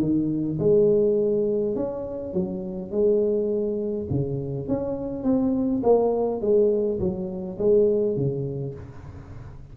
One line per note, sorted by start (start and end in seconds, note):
0.00 0.58 D#3
0.59 1.76 G#3
1.76 2.34 C#4
2.34 2.91 F#3
2.91 4.08 G#3
4.10 4.68 C#3
4.68 5.24 C#4
5.24 5.82 C4
5.83 6.41 A#3
6.41 7.00 G#3
7.00 7.58 F#3
7.58 8.16 G#3
8.16 8.75 C#3